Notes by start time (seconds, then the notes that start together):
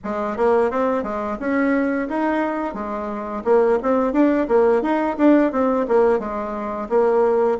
0.03 G#3
0.36 A#3
0.71 C4
1.03 G#3
1.39 C#4
2.08 D#4
2.74 G#3
3.44 A#3
3.82 C4
4.12 D4
4.48 A#3
4.82 D#4
5.17 D4
5.51 C4
5.88 A#3
6.19 G#3
6.89 A#3